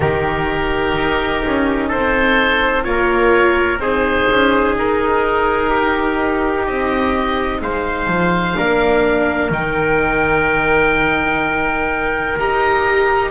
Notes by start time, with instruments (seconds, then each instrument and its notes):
0.00 double bass D#3, viola D#4, trumpet G4, oboe A#4
0.95 double bass D#4
1.45 double bass C#4
1.88 double bass C4, trumpet A4, oboe C5
2.83 double bass A#3, viola F4, oboe C#5
2.89 trumpet A#4
3.78 double bass C4, viola D#4, trumpet G#4, oboe C5
4.30 double bass C#4
4.77 double bass D#4, oboe A#4
5.69 trumpet G4
6.66 double bass C4, oboe D#5
7.61 double bass G#3, trumpet C5, oboe F5
8.07 double bass F3
8.55 double bass A#3, viola D4, trumpet A#4
9.50 double bass D#3, viola D#4, oboe G5
12.38 double bass D#4, viola G4, oboe A#5